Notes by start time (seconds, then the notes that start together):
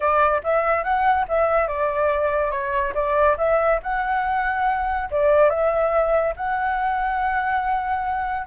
0.00 D5
0.43 E5
0.83 F#5
1.28 E5
1.67 D5
2.51 C#5
2.94 D5
3.37 E5
3.82 F#5
5.10 D5
5.49 E5
6.36 F#5